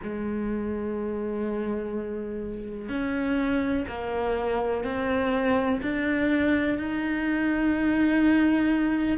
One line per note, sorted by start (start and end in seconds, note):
0.02 2.89 G#3
2.89 3.85 C#4
3.88 4.83 A#3
4.83 5.80 C4
5.82 6.78 D4
6.78 9.18 D#4